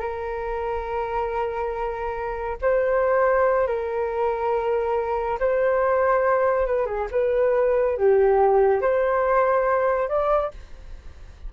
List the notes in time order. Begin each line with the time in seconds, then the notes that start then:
0.00 A#4
2.61 C5
3.67 A#4
5.40 C5
6.66 B4
6.86 G#4
7.11 B4
7.97 G4
8.81 C5
10.08 D5